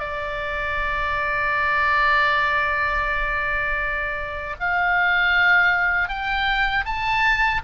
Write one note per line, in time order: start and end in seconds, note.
0.00 4.56 D5
4.60 6.09 F5
6.09 6.85 G5
6.86 7.62 A5